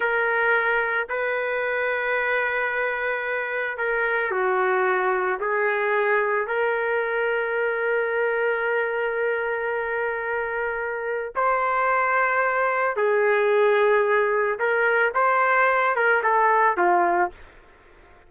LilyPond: \new Staff \with { instrumentName = "trumpet" } { \time 4/4 \tempo 4 = 111 ais'2 b'2~ | b'2. ais'4 | fis'2 gis'2 | ais'1~ |
ais'1~ | ais'4 c''2. | gis'2. ais'4 | c''4. ais'8 a'4 f'4 | }